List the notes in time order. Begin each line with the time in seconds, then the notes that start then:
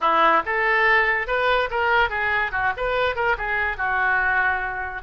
0.00 E4
0.45 A4
1.27 B4
1.70 A#4
2.09 G#4
2.51 F#4
2.76 B4
3.15 A#4
3.37 G#4
3.77 F#4